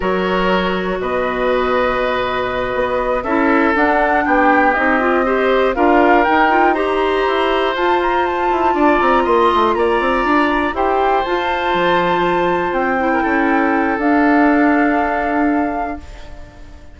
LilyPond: <<
  \new Staff \with { instrumentName = "flute" } { \time 4/4 \tempo 4 = 120 cis''2 dis''2~ | dis''2~ dis''8 e''4 fis''8~ | fis''8 g''4 dis''2 f''8~ | f''8 g''4 ais''2 a''8 |
ais''8 a''4. ais''8 c'''4 ais''8~ | ais''4. g''4 a''4.~ | a''4. g''2~ g''8 | f''1 | }
  \new Staff \with { instrumentName = "oboe" } { \time 4/4 ais'2 b'2~ | b'2~ b'8 a'4.~ | a'8 g'2 c''4 ais'8~ | ais'4. c''2~ c''8~ |
c''4. d''4 dis''4 d''8~ | d''4. c''2~ c''8~ | c''2~ c''16 ais'16 a'4.~ | a'1 | }
  \new Staff \with { instrumentName = "clarinet" } { \time 4/4 fis'1~ | fis'2~ fis'8 e'4 d'8~ | d'4. dis'8 f'8 g'4 f'8~ | f'8 dis'8 f'8 g'2 f'8~ |
f'1~ | f'4. g'4 f'4.~ | f'2 e'2 | d'1 | }
  \new Staff \with { instrumentName = "bassoon" } { \time 4/4 fis2 b,2~ | b,4. b4 cis'4 d'8~ | d'8 b4 c'2 d'8~ | d'8 dis'2 e'4 f'8~ |
f'4 e'8 d'8 c'8 ais8 a8 ais8 | c'8 d'4 e'4 f'4 f8~ | f4. c'4 cis'4. | d'1 | }
>>